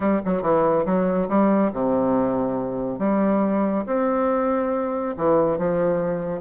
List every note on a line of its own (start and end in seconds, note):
0.00 0.21 G3
0.25 0.42 F#3
0.42 0.85 E3
0.85 1.28 F#3
1.28 1.71 G3
1.72 2.98 C3
2.98 3.84 G3
3.86 5.15 C4
5.17 5.58 E3
5.58 6.41 F3